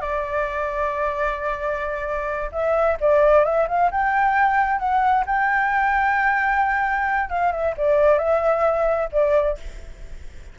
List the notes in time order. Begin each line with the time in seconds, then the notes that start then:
0.00 D5
2.52 E5
3.00 D5
3.44 E5
3.68 F5
3.91 G5
4.79 F#5
5.26 G5
7.30 F5
7.52 E5
7.77 D5
8.18 E5
9.12 D5